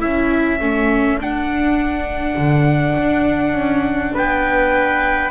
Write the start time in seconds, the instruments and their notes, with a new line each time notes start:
0.00 double bass C#4, viola E4, trumpet A4 E5
0.61 double bass A3, viola C#4
1.18 double bass D4, viola D4, trumpet F#5
2.37 double bass D3
2.97 double bass D4
3.53 double bass C#4
4.14 double bass B3, trumpet B4 G5